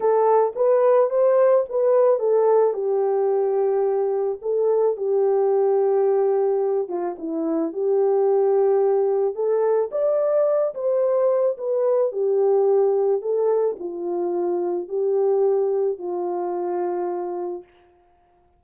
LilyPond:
\new Staff \with { instrumentName = "horn" } { \time 4/4 \tempo 4 = 109 a'4 b'4 c''4 b'4 | a'4 g'2. | a'4 g'2.~ | g'8 f'8 e'4 g'2~ |
g'4 a'4 d''4. c''8~ | c''4 b'4 g'2 | a'4 f'2 g'4~ | g'4 f'2. | }